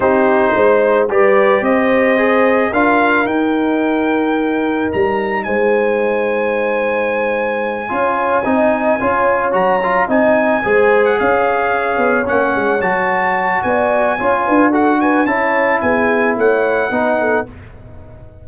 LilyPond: <<
  \new Staff \with { instrumentName = "trumpet" } { \time 4/4 \tempo 4 = 110 c''2 d''4 dis''4~ | dis''4 f''4 g''2~ | g''4 ais''4 gis''2~ | gis''1~ |
gis''4. ais''4 gis''4.~ | gis''16 fis''16 f''2 fis''4 a''8~ | a''4 gis''2 fis''8 gis''8 | a''4 gis''4 fis''2 | }
  \new Staff \with { instrumentName = "horn" } { \time 4/4 g'4 c''4 b'4 c''4~ | c''4 ais'2.~ | ais'2 c''2~ | c''2~ c''8 cis''4 dis''8~ |
dis''8 cis''2 dis''4 c''8~ | c''8 cis''2.~ cis''8~ | cis''4 d''4 cis''8 b'8 a'8 b'8 | cis''4 gis'4 cis''4 b'8 a'8 | }
  \new Staff \with { instrumentName = "trombone" } { \time 4/4 dis'2 g'2 | gis'4 f'4 dis'2~ | dis'1~ | dis'2~ dis'8 f'4 dis'8~ |
dis'8 f'4 fis'8 f'8 dis'4 gis'8~ | gis'2~ gis'8 cis'4 fis'8~ | fis'2 f'4 fis'4 | e'2. dis'4 | }
  \new Staff \with { instrumentName = "tuba" } { \time 4/4 c'4 gis4 g4 c'4~ | c'4 d'4 dis'2~ | dis'4 g4 gis2~ | gis2~ gis8 cis'4 c'8~ |
c'8 cis'4 fis4 c'4 gis8~ | gis8 cis'4. b8 ais8 gis8 fis8~ | fis4 b4 cis'8 d'4. | cis'4 b4 a4 b4 | }
>>